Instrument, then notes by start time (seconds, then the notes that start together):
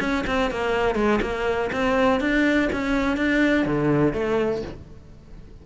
cello
0.00 C#4
0.27 C4
0.51 A#3
0.95 G#3
1.22 A#3
1.72 C4
2.20 D4
2.72 C#4
3.17 D4
3.66 D3
4.13 A3